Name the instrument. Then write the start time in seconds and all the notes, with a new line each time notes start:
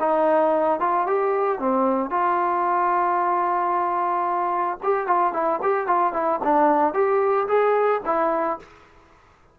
trombone
0.00 D#4
0.80 F4
1.07 G4
1.59 C4
2.10 F4
4.83 G4
5.07 F4
5.33 E4
5.62 G4
5.87 F4
6.13 E4
6.44 D4
6.94 G4
7.48 G#4
8.06 E4